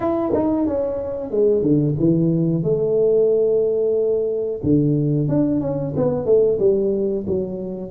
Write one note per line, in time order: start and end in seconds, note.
0.00 0.32 E4
0.34 0.66 D#4
0.66 1.30 C#4
1.30 1.62 G#3
1.62 1.95 D3
1.99 2.63 E3
2.63 4.60 A3
4.63 5.28 D3
5.28 5.60 D4
5.60 5.93 C#4
5.96 6.25 B3
6.25 6.58 A3
6.59 7.25 G3
7.26 7.91 F#3